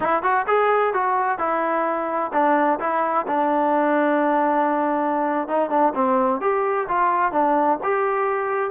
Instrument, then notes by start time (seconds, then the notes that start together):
trombone
0.00 E4
0.22 F#4
0.47 G#4
0.93 F#4
1.38 E4
2.32 D4
2.79 E4
3.27 D4
5.48 D#4
5.70 D4
5.95 C4
6.40 G4
6.88 F4
7.32 D4
7.83 G4